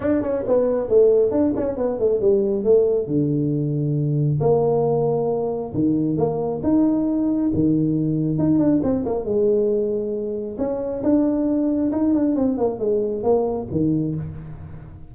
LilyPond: \new Staff \with { instrumentName = "tuba" } { \time 4/4 \tempo 4 = 136 d'8 cis'8 b4 a4 d'8 cis'8 | b8 a8 g4 a4 d4~ | d2 ais2~ | ais4 dis4 ais4 dis'4~ |
dis'4 dis2 dis'8 d'8 | c'8 ais8 gis2. | cis'4 d'2 dis'8 d'8 | c'8 ais8 gis4 ais4 dis4 | }